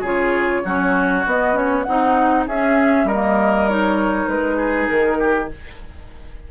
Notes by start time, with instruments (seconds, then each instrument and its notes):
0.00 bassoon C#3, clarinet F4, oboe G#4, flute C#5
0.64 bassoon F#3, clarinet C#4, oboe F#4
1.26 bassoon B3, clarinet B3, flute D#5
1.53 clarinet C#4, flute C#5
1.83 bassoon C4, oboe D#4, clarinet D#4, flute F#5
2.46 bassoon C#4, clarinet C#4, oboe G#4, flute E5
3.04 bassoon G3, oboe A#4, flute D#5
3.12 clarinet A#3
3.68 clarinet D#4, flute C#5
4.28 bassoon G#3, flute B4
4.57 oboe G#4
4.88 bassoon D#3, flute A#4
5.18 oboe G4